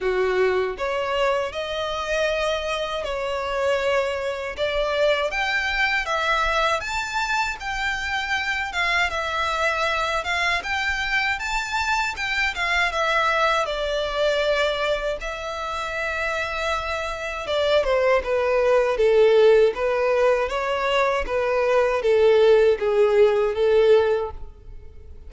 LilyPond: \new Staff \with { instrumentName = "violin" } { \time 4/4 \tempo 4 = 79 fis'4 cis''4 dis''2 | cis''2 d''4 g''4 | e''4 a''4 g''4. f''8 | e''4. f''8 g''4 a''4 |
g''8 f''8 e''4 d''2 | e''2. d''8 c''8 | b'4 a'4 b'4 cis''4 | b'4 a'4 gis'4 a'4 | }